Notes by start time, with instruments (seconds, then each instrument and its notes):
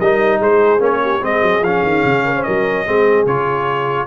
0.00 tuba G3, trombone D#4, horn A#4, trumpet D#5
0.39 tuba G#3, horn G#4, trumpet C5
0.79 tuba A#3, trombone C#4, trumpet C#5
1.03 horn G4
1.22 tuba G#3, trombone C4, horn G#4, trumpet D#5
1.42 tuba F#3
1.62 tuba F3, trombone C#4, trumpet F5
1.83 tuba D#3
2.05 tuba C#3
2.25 horn A#4
2.36 horn C5
2.43 tuba F#3, horn A#4, trumpet D#5
2.86 tuba G#3, trombone C4, horn G#4
3.26 tuba C#3, trombone F4, trumpet C#5